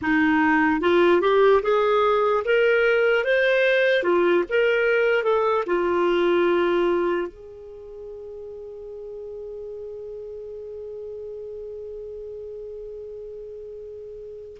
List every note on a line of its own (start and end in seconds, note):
0.01 0.80 D#4
0.80 1.21 F4
1.21 1.61 G4
1.62 2.43 G#4
2.44 3.24 A#4
3.24 4.03 C5
4.03 4.43 F4
4.49 5.23 A#4
5.23 5.64 A4
5.66 7.28 F4
7.28 14.57 G#4